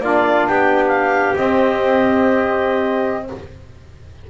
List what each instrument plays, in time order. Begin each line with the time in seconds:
0.00 double bass A#3, saxophone D4, trumpet F4, clarinet D5
0.47 double bass B3, trumpet G4, clarinet G5
0.88 clarinet F5
1.35 saxophone C4, double bass C4, clarinet D#5